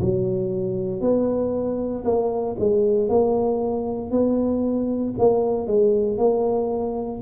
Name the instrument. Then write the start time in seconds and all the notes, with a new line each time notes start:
tuba
0.00 F#3
1.00 B3
2.04 A#3
2.59 G#3
3.08 A#3
4.10 B3
5.18 A#3
5.66 G#3
6.17 A#3